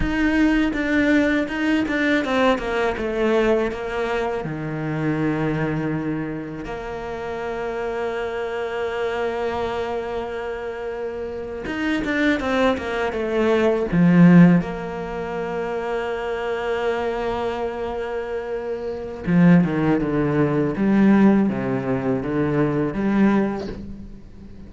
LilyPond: \new Staff \with { instrumentName = "cello" } { \time 4/4 \tempo 4 = 81 dis'4 d'4 dis'8 d'8 c'8 ais8 | a4 ais4 dis2~ | dis4 ais2.~ | ais2.~ ais8. dis'16~ |
dis'16 d'8 c'8 ais8 a4 f4 ais16~ | ais1~ | ais2 f8 dis8 d4 | g4 c4 d4 g4 | }